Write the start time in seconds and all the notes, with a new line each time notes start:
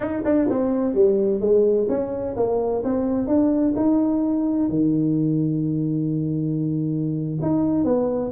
0.00 D#4
0.25 D4
0.49 C4
0.94 G3
1.40 G#3
1.88 C#4
2.36 A#3
2.84 C4
3.27 D4
3.76 D#4
4.69 D#3
7.41 D#4
7.84 B3